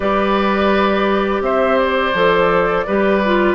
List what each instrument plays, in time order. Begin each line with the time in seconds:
0.00 bassoon G3, clarinet G4, oboe B4, flute D5
1.40 bassoon C4, oboe C5, flute E5
1.78 flute D5
2.13 bassoon F3, clarinet A4
2.86 bassoon G3, clarinet G4, oboe B4
3.24 clarinet F4